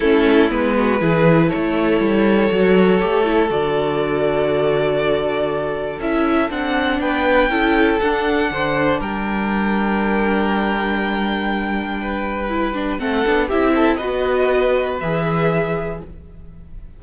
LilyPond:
<<
  \new Staff \with { instrumentName = "violin" } { \time 4/4 \tempo 4 = 120 a'4 b'2 cis''4~ | cis''2. d''4~ | d''1 | e''4 fis''4 g''2 |
fis''2 g''2~ | g''1~ | g''2 fis''4 e''4 | dis''2 e''2 | }
  \new Staff \with { instrumentName = "violin" } { \time 4/4 e'4. fis'8 gis'4 a'4~ | a'1~ | a'1~ | a'2 b'4 a'4~ |
a'4 c''4 ais'2~ | ais'1 | b'2 a'4 g'8 a'8 | b'1 | }
  \new Staff \with { instrumentName = "viola" } { \time 4/4 cis'4 b4 e'2~ | e'4 fis'4 g'8 e'8 fis'4~ | fis'1 | e'4 d'2 e'4 |
d'1~ | d'1~ | d'4 e'8 d'8 c'8 d'8 e'4 | fis'2 gis'2 | }
  \new Staff \with { instrumentName = "cello" } { \time 4/4 a4 gis4 e4 a4 | g4 fis4 a4 d4~ | d1 | cis'4 c'4 b4 cis'4 |
d'4 d4 g2~ | g1~ | g2 a8 b8 c'4 | b2 e2 | }
>>